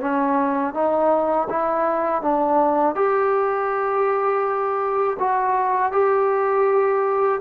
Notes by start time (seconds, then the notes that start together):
0.00 C#4
0.74 D#4
1.49 E4
2.22 D4
2.95 G4
5.19 F#4
5.92 G4